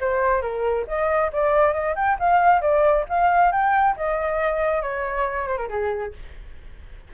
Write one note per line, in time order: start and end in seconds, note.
0.00 0.42 C5
0.42 0.85 A#4
0.87 1.31 D#5
1.32 1.73 D5
1.73 1.95 D#5
1.95 2.17 G5
2.19 2.61 F5
2.61 3.05 D5
3.09 3.52 F5
3.52 3.96 G5
3.97 4.82 D#5
4.82 5.47 C#5
5.47 5.57 C5
5.57 5.68 A#4
5.69 6.13 G#4